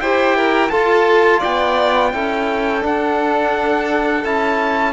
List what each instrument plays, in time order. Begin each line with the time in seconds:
0.00 cello E4, trombone G4, violin C5, trumpet G5
0.36 violin A#4
0.69 trombone F4, cello F4, violin A4, trumpet A5
1.39 cello B3, violin D5, trumpet G5
2.12 cello C#4, trombone E4, violin A4
2.80 trombone D4, cello D4, trumpet F#5
4.24 cello C#4, trombone E4, trumpet A5